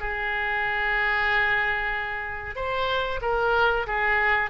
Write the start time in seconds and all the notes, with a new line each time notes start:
0.00 G#4
2.56 C5
3.22 A#4
3.87 G#4